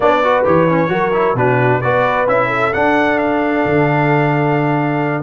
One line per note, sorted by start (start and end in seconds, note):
0.00 0.45 B3
0.00 0.23 D4
0.00 0.22 C#5
0.00 0.44 D5
0.23 0.44 F#4
0.23 0.91 B4
0.44 0.89 E3
0.44 0.67 G4
0.44 1.37 C#5
0.69 0.88 C#4
0.88 1.34 F#3
0.88 1.11 F#4
0.88 1.36 A#4
1.13 1.36 E4
1.34 1.80 B2
1.34 1.82 D4
1.34 1.80 F#4
1.34 1.81 B4
1.80 2.27 B3
1.80 2.27 F#4
1.80 2.47 B4
1.80 2.26 D5
2.27 2.72 C#4
2.27 2.72 E4
2.27 2.73 E5
2.47 5.19 A4
2.73 5.22 D4
2.73 3.65 D4
2.73 3.18 F#5
3.18 5.22 F5
3.65 5.22 D3